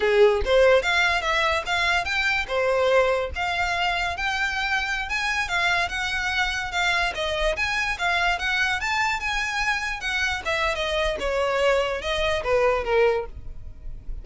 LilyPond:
\new Staff \with { instrumentName = "violin" } { \time 4/4 \tempo 4 = 145 gis'4 c''4 f''4 e''4 | f''4 g''4 c''2 | f''2 g''2~ | g''16 gis''4 f''4 fis''4.~ fis''16~ |
fis''16 f''4 dis''4 gis''4 f''8.~ | f''16 fis''4 a''4 gis''4.~ gis''16~ | gis''16 fis''4 e''8. dis''4 cis''4~ | cis''4 dis''4 b'4 ais'4 | }